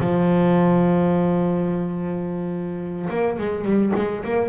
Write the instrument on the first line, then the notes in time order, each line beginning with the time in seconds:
double bass
0.00 F3
3.09 A#3
3.38 G#3
3.64 G3
3.95 G#3
4.24 A#3